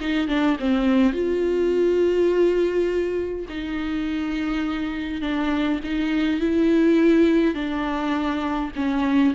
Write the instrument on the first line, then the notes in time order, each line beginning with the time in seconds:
viola
0.00 D#4
0.28 D4
0.59 C4
1.13 F4
3.49 D#4
5.21 D4
5.84 D#4
6.40 E4
7.55 D4
8.75 C#4